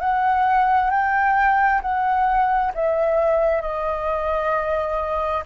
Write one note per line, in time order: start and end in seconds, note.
0.00 0.90 F#5
0.90 1.81 G5
1.81 2.72 F#5
2.74 3.62 E5
3.62 5.43 D#5